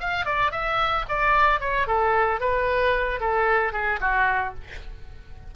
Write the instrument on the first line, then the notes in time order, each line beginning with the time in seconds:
oboe
0.00 F5
0.26 D5
0.52 E5
1.09 D5
1.60 C#5
1.87 A4
2.40 B4
3.20 A4
3.73 G#4
4.01 F#4